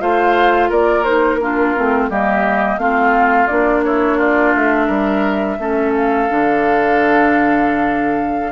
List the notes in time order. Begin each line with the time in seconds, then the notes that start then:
0.00 A3 F4 C5 F5
0.69 A#3 A#4 D5
1.04 D#4 C5
1.35 A#4
1.41 D4 F4
1.76 A3 C4
2.10 G3 A#3 G4 D#5
2.78 A3 C4 F4 F5
3.47 A#3 D4 D5
3.84 E4 C#5
4.17 F4 D5
4.55 A3 E5
4.87 G3 A#4
5.59 A3 C#4 A4
5.93 F5
6.29 D3 D4